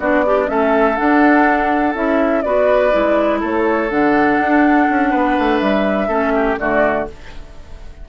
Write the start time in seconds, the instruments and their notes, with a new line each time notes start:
0.00 bassoon B3, clarinet D4, oboe F#4, flute D5
0.26 oboe D4, clarinet G4
0.47 bassoon A3, clarinet C#4, oboe A4, flute E5
0.97 clarinet D4, bassoon D4, flute F#5
1.95 bassoon C#4, clarinet E4, flute E5
2.42 bassoon B3, clarinet F#4, oboe B4, flute D5
2.91 bassoon G#3, clarinet E4
3.41 bassoon A3, oboe A4, flute C#5
3.90 bassoon D3, clarinet D4, flute F#5
4.39 bassoon D4
4.91 bassoon C#4
5.11 bassoon B3, oboe B4
5.39 bassoon A3
5.59 bassoon G3, flute E5
6.09 bassoon A3, clarinet C#4, oboe A4
6.35 oboe G4
6.59 bassoon D3, clarinet A3, oboe F#4, flute D5